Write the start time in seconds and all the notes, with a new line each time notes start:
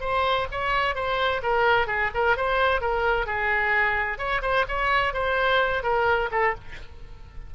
0.00 C5
0.51 C#5
0.95 C5
1.42 A#4
1.87 G#4
2.14 A#4
2.36 C5
2.81 A#4
3.26 G#4
4.18 C#5
4.42 C5
4.68 C#5
5.13 C5
5.82 A#4
6.31 A4